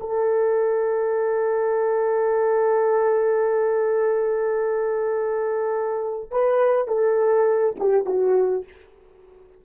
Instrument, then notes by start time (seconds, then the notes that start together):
horn
0.00 A4
6.30 B4
6.87 A4
7.79 G4
8.05 F#4